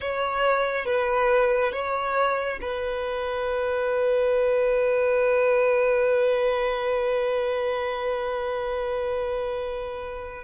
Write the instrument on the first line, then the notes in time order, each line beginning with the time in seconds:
violin
0.00 C#5
0.85 B4
1.72 C#5
2.61 B4